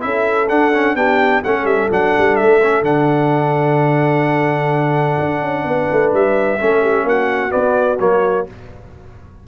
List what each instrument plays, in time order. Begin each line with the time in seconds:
0.00 tuba C#4, trombone E4, horn A4, trumpet E5
0.49 trombone D4, tuba D4, trumpet F#5
0.75 trombone C#4
0.95 tuba B3, trombone D4, horn G4, trumpet G5
1.43 tuba A3, trombone C#4, horn A4, trumpet F#5
1.65 tuba G3, trumpet E5
1.91 tuba F#3, trombone D4, trumpet F#5
2.19 tuba G3
2.36 tuba A3, trumpet E5
2.62 trombone C#4
2.82 tuba D3, trombone D4, trumpet F#5
5.20 tuba D4
5.42 tuba C#4
5.65 tuba B3, horn B4
5.92 tuba A3
6.14 tuba G3, trumpet E5
6.60 tuba A3, trombone C#4, horn A4
6.82 horn G4
7.04 tuba A#3, horn F#4, trumpet F#5
7.50 trombone B3, tuba B3, trumpet D5
8.00 tuba F#3, trombone A#3, trumpet C#5